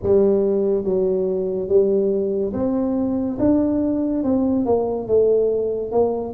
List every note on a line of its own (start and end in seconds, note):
0.02 0.83 G3
0.83 1.68 F#3
1.68 2.52 G3
2.53 3.38 C4
3.39 4.23 D4
4.23 4.65 C4
4.65 5.07 A#3
5.07 5.91 A3
5.91 6.33 A#3